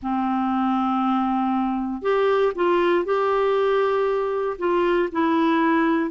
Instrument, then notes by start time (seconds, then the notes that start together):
clarinet
0.02 C4
2.02 G4
2.55 F4
3.04 G4
4.58 F4
5.11 E4